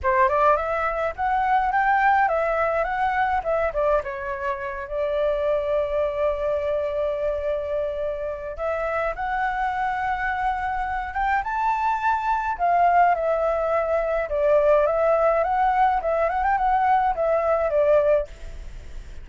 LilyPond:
\new Staff \with { instrumentName = "flute" } { \time 4/4 \tempo 4 = 105 c''8 d''8 e''4 fis''4 g''4 | e''4 fis''4 e''8 d''8 cis''4~ | cis''8 d''2.~ d''8~ | d''2. e''4 |
fis''2.~ fis''8 g''8 | a''2 f''4 e''4~ | e''4 d''4 e''4 fis''4 | e''8 fis''16 g''16 fis''4 e''4 d''4 | }